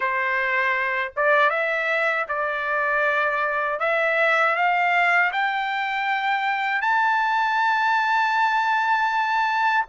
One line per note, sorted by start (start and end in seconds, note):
0.00 1.12 C5
1.16 1.49 D5
1.49 2.25 E5
2.28 3.79 D5
3.79 4.55 E5
4.55 5.31 F5
5.32 6.81 G5
6.81 9.85 A5